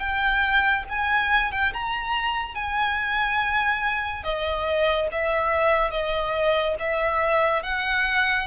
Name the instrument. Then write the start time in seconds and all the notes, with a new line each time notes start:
violin
0.00 G5
0.90 G#5
1.52 G5
1.73 A#5
2.55 G#5
4.24 D#5
5.12 E5
5.91 D#5
6.80 E5
7.63 F#5